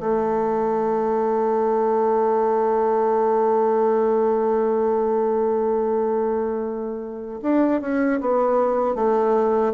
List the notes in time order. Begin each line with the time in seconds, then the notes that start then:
0.00 A3
7.42 D4
7.81 C#4
8.21 B3
8.95 A3